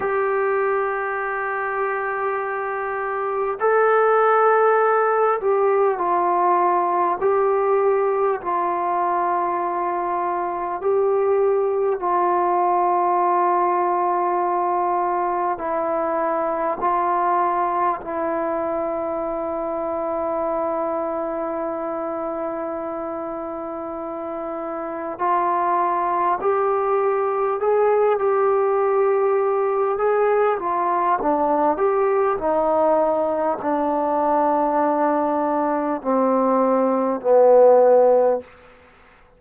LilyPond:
\new Staff \with { instrumentName = "trombone" } { \time 4/4 \tempo 4 = 50 g'2. a'4~ | a'8 g'8 f'4 g'4 f'4~ | f'4 g'4 f'2~ | f'4 e'4 f'4 e'4~ |
e'1~ | e'4 f'4 g'4 gis'8 g'8~ | g'4 gis'8 f'8 d'8 g'8 dis'4 | d'2 c'4 b4 | }